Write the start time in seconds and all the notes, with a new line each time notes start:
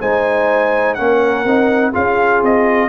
0.00 G#3 D#4 C5 G#5
0.94 A#3 C#4 A#4 F#5
1.45 C4 D#4
1.91 C#4 F4 G#4 F5
2.42 C4 D#5